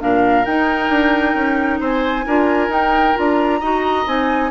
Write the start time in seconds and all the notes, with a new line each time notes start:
0.00 A#2 D4 A#4 F5
0.45 D#4 G5
0.89 D4
1.34 C#4
1.80 C4 C5 G#5
2.26 D4 F4 A#4
2.68 D#4 G5
3.15 D4 F4 A#5
3.60 D#4 F#4 D#5
4.06 C4 D#4 G#5